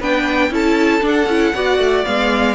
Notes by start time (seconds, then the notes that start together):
0.00 B3 D4 B4 G5
0.50 C#4 E4 A4 A5
1.01 D4
1.08 F#5
1.26 C#4 E4
1.54 B3 F#4 D5
1.78 A3
2.05 G#3 B3 F5